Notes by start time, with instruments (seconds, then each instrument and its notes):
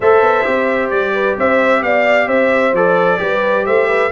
0.00 tuba A3, trombone A4, horn C5, trumpet E5
0.21 tuba B3
0.44 tuba C4, trombone G4
0.89 tuba G3, trumpet D5
1.14 horn B4
1.37 tuba C4, horn C5, trumpet E5
1.81 tuba B3, horn D5, trumpet F5
2.27 tuba C4, horn C5, trumpet E5
2.72 tuba F3, trombone A4, trumpet D5
3.18 tuba G3, trombone G4, horn B4
3.66 tuba A3, horn C5, trumpet E5
3.88 horn B4